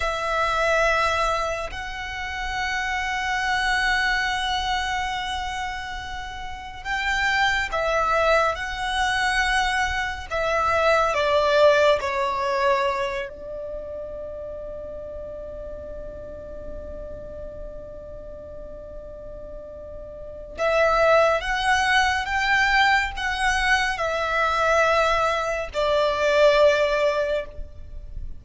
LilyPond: \new Staff \with { instrumentName = "violin" } { \time 4/4 \tempo 4 = 70 e''2 fis''2~ | fis''1 | g''4 e''4 fis''2 | e''4 d''4 cis''4. d''8~ |
d''1~ | d''1 | e''4 fis''4 g''4 fis''4 | e''2 d''2 | }